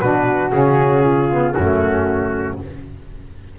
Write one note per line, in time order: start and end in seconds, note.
0.00 0.52 B2
0.00 0.52 D4
0.00 1.02 F#4
0.00 0.51 B4
0.52 1.55 C#3
0.52 1.29 C#4
0.52 1.55 G#4
1.02 1.54 F4
1.29 1.55 B3
1.55 2.59 F#2
1.55 2.58 A3
1.55 2.59 C#4
1.55 2.57 F#4